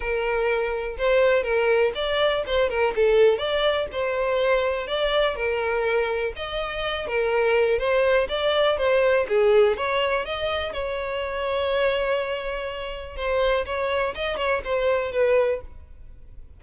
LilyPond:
\new Staff \with { instrumentName = "violin" } { \time 4/4 \tempo 4 = 123 ais'2 c''4 ais'4 | d''4 c''8 ais'8 a'4 d''4 | c''2 d''4 ais'4~ | ais'4 dis''4. ais'4. |
c''4 d''4 c''4 gis'4 | cis''4 dis''4 cis''2~ | cis''2. c''4 | cis''4 dis''8 cis''8 c''4 b'4 | }